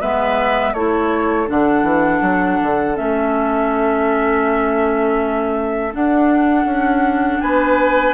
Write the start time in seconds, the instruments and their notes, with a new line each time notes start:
0.00 bassoon G#3, clarinet B3, oboe B4, flute E5
0.73 bassoon A3, clarinet E4, oboe A4, flute C#5
1.46 bassoon D3, clarinet D4, flute F#5
1.83 bassoon E3
2.21 bassoon F#3
2.62 bassoon D3
2.95 bassoon A3, clarinet C#4, flute E5
5.92 clarinet D4, bassoon D4, flute F#5
6.65 bassoon C#4
7.41 bassoon B3, oboe B4, flute G#5